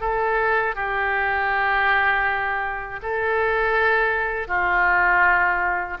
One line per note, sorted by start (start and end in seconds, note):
0.00 0.75 A4
0.75 3.00 G4
3.02 4.47 A4
4.47 5.97 F4